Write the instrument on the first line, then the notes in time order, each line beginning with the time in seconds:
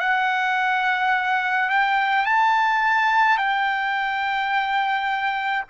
trumpet
0.00 F#5
1.70 G5
2.26 A5
3.38 G5